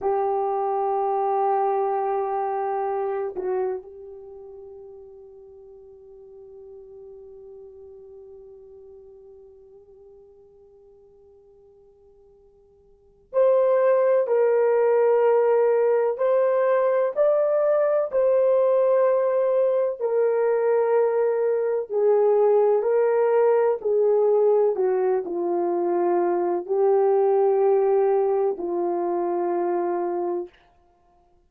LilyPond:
\new Staff \with { instrumentName = "horn" } { \time 4/4 \tempo 4 = 63 g'2.~ g'8 fis'8 | g'1~ | g'1~ | g'2 c''4 ais'4~ |
ais'4 c''4 d''4 c''4~ | c''4 ais'2 gis'4 | ais'4 gis'4 fis'8 f'4. | g'2 f'2 | }